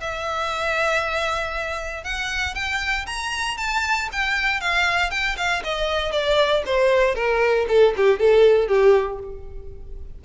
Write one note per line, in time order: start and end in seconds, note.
0.00 2.03 E5
2.03 2.54 F#5
2.54 3.05 G5
3.06 3.57 A#5
3.57 4.09 A5
4.12 4.60 G5
4.60 5.10 F5
5.10 5.36 G5
5.37 5.62 F5
5.64 6.11 D#5
6.11 6.63 D5
6.65 7.14 C5
7.14 7.66 A#4
7.68 7.94 A4
7.96 8.19 G4
8.19 8.67 A4
8.67 9.19 G4